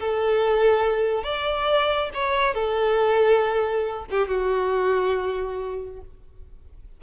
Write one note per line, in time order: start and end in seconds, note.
0.00 1.24 A4
1.24 2.10 D5
2.14 2.54 C#5
2.54 4.06 A4
4.10 4.28 G4
4.28 6.01 F#4